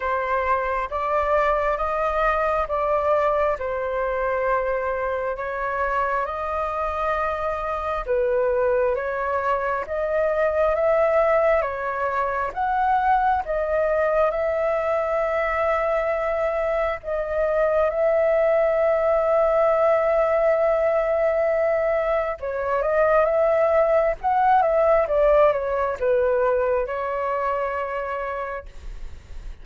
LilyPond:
\new Staff \with { instrumentName = "flute" } { \time 4/4 \tempo 4 = 67 c''4 d''4 dis''4 d''4 | c''2 cis''4 dis''4~ | dis''4 b'4 cis''4 dis''4 | e''4 cis''4 fis''4 dis''4 |
e''2. dis''4 | e''1~ | e''4 cis''8 dis''8 e''4 fis''8 e''8 | d''8 cis''8 b'4 cis''2 | }